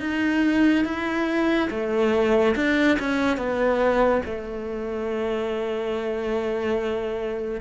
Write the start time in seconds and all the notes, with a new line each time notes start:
0.00 D#4
0.85 E4
1.71 A3
2.56 D4
2.99 C#4
3.37 B3
4.25 A3